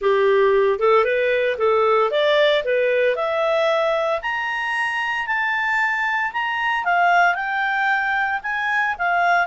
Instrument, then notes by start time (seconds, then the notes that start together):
clarinet
0.01 G4
0.79 A4
1.04 B4
1.58 A4
2.10 D5
2.64 B4
3.15 E5
4.21 A#5
5.26 A5
6.33 A#5
6.84 F5
7.34 G5
8.42 G#5
8.98 F5